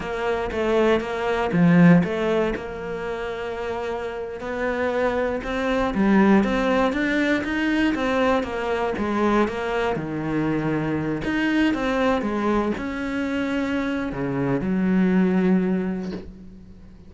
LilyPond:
\new Staff \with { instrumentName = "cello" } { \time 4/4 \tempo 4 = 119 ais4 a4 ais4 f4 | a4 ais2.~ | ais8. b2 c'4 g16~ | g8. c'4 d'4 dis'4 c'16~ |
c'8. ais4 gis4 ais4 dis16~ | dis2~ dis16 dis'4 c'8.~ | c'16 gis4 cis'2~ cis'8. | cis4 fis2. | }